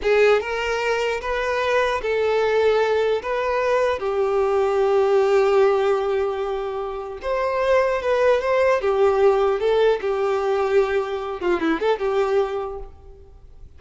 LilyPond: \new Staff \with { instrumentName = "violin" } { \time 4/4 \tempo 4 = 150 gis'4 ais'2 b'4~ | b'4 a'2. | b'2 g'2~ | g'1~ |
g'2 c''2 | b'4 c''4 g'2 | a'4 g'2.~ | g'8 f'8 e'8 a'8 g'2 | }